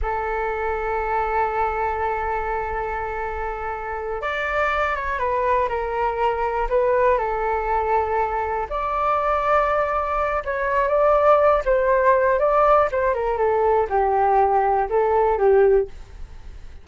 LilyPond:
\new Staff \with { instrumentName = "flute" } { \time 4/4 \tempo 4 = 121 a'1~ | a'1~ | a'8 d''4. cis''8 b'4 ais'8~ | ais'4. b'4 a'4.~ |
a'4. d''2~ d''8~ | d''4 cis''4 d''4. c''8~ | c''4 d''4 c''8 ais'8 a'4 | g'2 a'4 g'4 | }